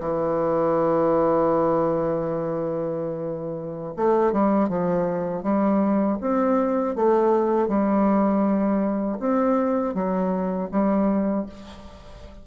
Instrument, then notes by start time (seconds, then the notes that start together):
bassoon
0.00 E3
3.96 A3
4.32 G3
4.69 F3
5.43 G3
6.20 C4
6.95 A3
7.68 G3
9.19 C4
9.94 F#3
10.71 G3